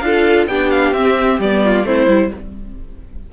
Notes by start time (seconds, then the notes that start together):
0.00 D4 F4 F5
0.06 A4
0.47 B3 D4 G4 G5
0.71 F5
0.92 C4 E5
1.39 G3 B3 D5
1.64 F4
1.84 A3 C4 E4 C5
2.08 G3 E4